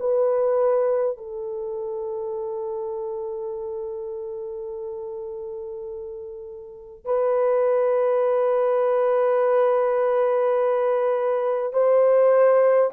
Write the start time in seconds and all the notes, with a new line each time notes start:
0.00 B4
1.18 A4
7.05 B4
11.73 C5